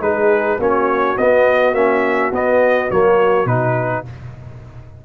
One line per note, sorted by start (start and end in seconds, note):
0.00 0.58 G#3
0.00 0.59 D#4
0.00 0.59 G#4
0.00 0.59 B4
0.59 1.16 A#3
0.59 1.17 C#4
0.59 4.05 F#4
0.59 1.17 C#5
1.17 1.73 B3
1.17 1.74 B3
1.17 1.74 D#5
1.73 2.31 A#3
1.73 2.32 C#4
1.73 2.32 E5
2.32 2.90 B3
2.32 2.91 B3
2.32 2.91 D#5
2.91 3.45 F#3
2.91 3.47 A#3
2.91 3.47 C#5
3.45 4.03 B2
3.45 4.05 D#4
3.45 4.04 B4